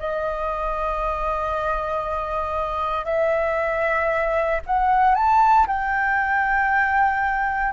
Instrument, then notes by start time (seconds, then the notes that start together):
flute
0.00 D#5
3.06 E5
4.66 F#5
5.15 A5
5.68 G5